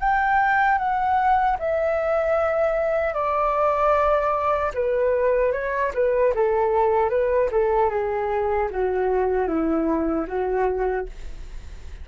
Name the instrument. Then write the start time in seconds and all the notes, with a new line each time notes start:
flute
0.00 G5
0.78 F#5
1.59 E5
3.14 D5
4.74 B4
5.52 C#5
5.94 B4
6.34 A4
7.10 B4
7.51 A4
7.90 G#4
8.71 F#4
9.47 E4
10.27 F#4